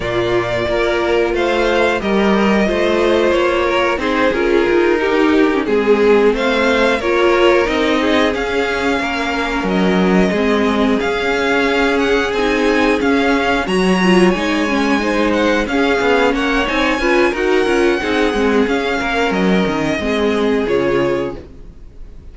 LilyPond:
<<
  \new Staff \with { instrumentName = "violin" } { \time 4/4 \tempo 4 = 90 d''2 f''4 dis''4~ | dis''4 cis''4 c''8 ais'4.~ | ais'8 gis'4 f''4 cis''4 dis''8~ | dis''8 f''2 dis''4.~ |
dis''8 f''4. fis''8 gis''4 f''8~ | f''8 ais''4 gis''4. fis''8 f''8~ | f''8 fis''8 gis''4 fis''2 | f''4 dis''2 cis''4 | }
  \new Staff \with { instrumentName = "violin" } { \time 4/4 f'4 ais'4 c''4 ais'4 | c''4. ais'8 gis'4. g'8~ | g'8 gis'4 c''4 ais'4. | gis'4. ais'2 gis'8~ |
gis'1~ | gis'8 cis''2 c''4 gis'8~ | gis'8 cis''4 b'8 ais'4 gis'4~ | gis'8 ais'4. gis'2 | }
  \new Staff \with { instrumentName = "viola" } { \time 4/4 ais4 f'2 g'4 | f'2 dis'8 f'4 dis'8~ | dis'16 cis'16 c'2 f'4 dis'8~ | dis'8 cis'2. c'8~ |
c'8 cis'2 dis'4 cis'8~ | cis'8 fis'8 f'8 dis'8 cis'8 dis'4 cis'8~ | cis'4 dis'8 f'8 fis'8 f'8 dis'8 c'8 | cis'2 c'4 f'4 | }
  \new Staff \with { instrumentName = "cello" } { \time 4/4 ais,4 ais4 a4 g4 | a4 ais4 c'8 cis'8 dis'4~ | dis'8 gis4 a4 ais4 c'8~ | c'8 cis'4 ais4 fis4 gis8~ |
gis8 cis'2 c'4 cis'8~ | cis'8 fis4 gis2 cis'8 | b8 ais8 c'8 cis'8 dis'8 cis'8 c'8 gis8 | cis'8 ais8 fis8 dis8 gis4 cis4 | }
>>